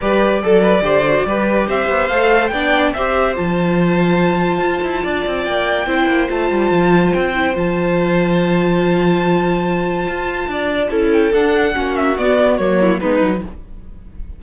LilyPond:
<<
  \new Staff \with { instrumentName = "violin" } { \time 4/4 \tempo 4 = 143 d''1 | e''4 f''4 g''4 e''4 | a''1~ | a''4 g''2 a''4~ |
a''4 g''4 a''2~ | a''1~ | a''2~ a''8 g''8 fis''4~ | fis''8 e''8 d''4 cis''4 b'4 | }
  \new Staff \with { instrumentName = "violin" } { \time 4/4 b'4 a'8 b'8 c''4 b'4 | c''2 d''4 c''4~ | c''1 | d''2 c''2~ |
c''1~ | c''1~ | c''4 d''4 a'2 | fis'2~ fis'8 e'8 dis'4 | }
  \new Staff \with { instrumentName = "viola" } { \time 4/4 g'4 a'4 g'8 fis'8 g'4~ | g'4 a'4 d'4 g'4 | f'1~ | f'2 e'4 f'4~ |
f'4. e'8 f'2~ | f'1~ | f'2 e'4 d'4 | cis'4 b4 ais4 b8 dis'8 | }
  \new Staff \with { instrumentName = "cello" } { \time 4/4 g4 fis4 d4 g4 | c'8 b8 a4 b4 c'4 | f2. f'8 e'8 | d'8 c'8 ais4 c'8 ais8 a8 g8 |
f4 c'4 f2~ | f1 | f'4 d'4 cis'4 d'4 | ais4 b4 fis4 gis8 fis8 | }
>>